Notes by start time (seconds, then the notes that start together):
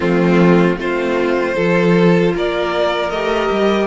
0.00 F3 A3 C4 F4
0.77 A3 C4 F4 C5
1.54 F3 F4 A4
2.35 A#3 A#4 D5
3.10 A3 G4 D#5
3.50 G3